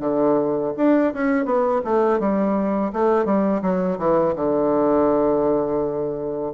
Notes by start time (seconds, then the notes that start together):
0.00 D3
0.77 D4
1.13 C#4
1.45 B3
1.84 A3
2.19 G3
2.92 A3
3.25 G3
3.62 F#3
3.98 E3
4.36 D3